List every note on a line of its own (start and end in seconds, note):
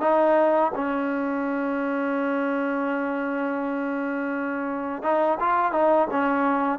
0.00 0.71 D#4
0.75 5.02 C#4
5.02 5.38 D#4
5.39 5.72 F4
5.72 6.07 D#4
6.10 6.79 C#4